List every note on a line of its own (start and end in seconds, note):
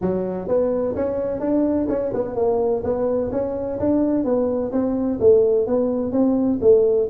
0.01 0.48 F#3
0.48 0.95 B3
0.95 1.40 C#4
1.40 1.87 D4
1.88 2.12 C#4
2.13 2.35 B3
2.35 2.82 A#3
2.83 3.30 B3
3.31 3.79 C#4
3.79 4.24 D4
4.24 4.71 B3
4.72 5.19 C4
5.19 5.66 A3
5.66 6.11 B3
6.11 6.59 C4
6.61 7.08 A3